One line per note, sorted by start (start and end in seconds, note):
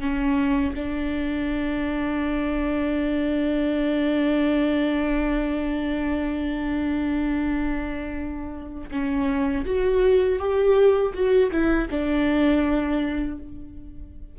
0.00 0.74 C#4
0.75 8.90 D4
8.91 9.65 C#4
9.65 10.39 F#4
10.39 11.13 G4
11.13 11.51 F#4
11.51 11.88 E4
11.90 13.38 D4